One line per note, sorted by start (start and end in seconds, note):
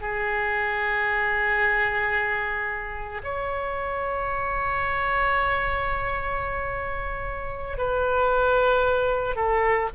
0.00 3.21 G#4
3.23 7.78 C#5
7.78 9.36 B4
9.36 9.89 A4